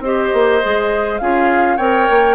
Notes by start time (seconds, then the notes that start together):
0.00 C4 G4 C5 D#5
0.33 A#3
0.62 G#3 G#4
1.18 C#4 F4 G#4 F5
1.77 C4 A#4 C#5 G5
2.10 A#3